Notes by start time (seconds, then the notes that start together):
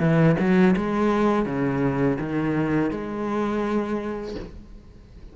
0.00 E3
0.39 F#3
0.77 G#3
1.46 C#3
2.20 D#3
2.91 G#3